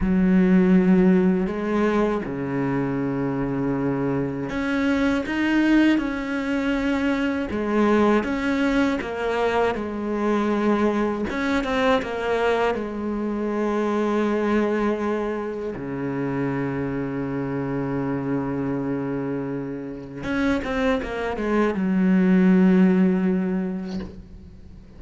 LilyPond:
\new Staff \with { instrumentName = "cello" } { \time 4/4 \tempo 4 = 80 fis2 gis4 cis4~ | cis2 cis'4 dis'4 | cis'2 gis4 cis'4 | ais4 gis2 cis'8 c'8 |
ais4 gis2.~ | gis4 cis2.~ | cis2. cis'8 c'8 | ais8 gis8 fis2. | }